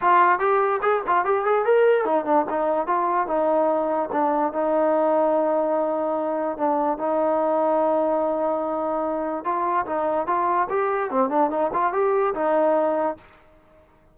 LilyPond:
\new Staff \with { instrumentName = "trombone" } { \time 4/4 \tempo 4 = 146 f'4 g'4 gis'8 f'8 g'8 gis'8 | ais'4 dis'8 d'8 dis'4 f'4 | dis'2 d'4 dis'4~ | dis'1 |
d'4 dis'2.~ | dis'2. f'4 | dis'4 f'4 g'4 c'8 d'8 | dis'8 f'8 g'4 dis'2 | }